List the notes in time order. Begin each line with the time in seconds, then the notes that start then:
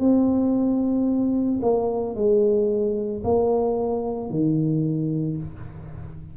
0.00 C4
1.62 A#3
2.15 G#3
3.24 A#3
4.30 D#3